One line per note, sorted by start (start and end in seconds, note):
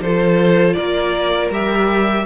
0.00 0.75 F3
0.00 1.52 F4
0.00 0.76 A4
0.00 0.74 C5
0.74 1.49 A#3
0.74 2.25 A#4
0.74 1.49 D5
1.49 2.24 G3
1.49 2.25 G4
1.49 2.25 E5